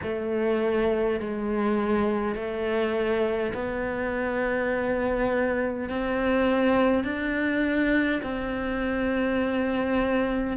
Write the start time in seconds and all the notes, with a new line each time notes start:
0.03 A3
1.20 G#3
2.35 A3
3.53 B3
5.89 C4
7.04 D4
8.22 C4